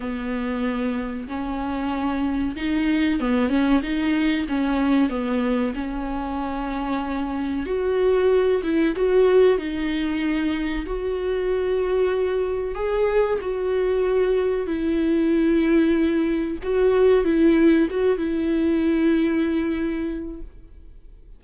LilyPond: \new Staff \with { instrumentName = "viola" } { \time 4/4 \tempo 4 = 94 b2 cis'2 | dis'4 b8 cis'8 dis'4 cis'4 | b4 cis'2. | fis'4. e'8 fis'4 dis'4~ |
dis'4 fis'2. | gis'4 fis'2 e'4~ | e'2 fis'4 e'4 | fis'8 e'2.~ e'8 | }